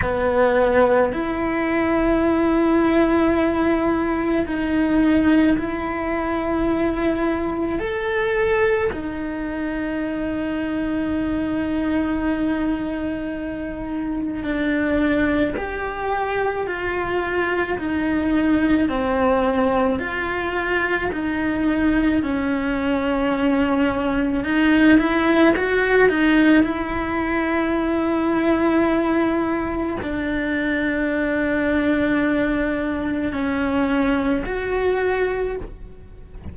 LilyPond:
\new Staff \with { instrumentName = "cello" } { \time 4/4 \tempo 4 = 54 b4 e'2. | dis'4 e'2 a'4 | dis'1~ | dis'4 d'4 g'4 f'4 |
dis'4 c'4 f'4 dis'4 | cis'2 dis'8 e'8 fis'8 dis'8 | e'2. d'4~ | d'2 cis'4 fis'4 | }